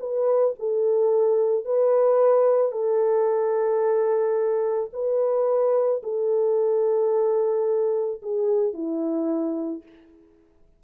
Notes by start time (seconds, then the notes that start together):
0.00 B4
0.59 A4
1.65 B4
2.72 A4
4.93 B4
6.03 A4
8.22 G#4
8.74 E4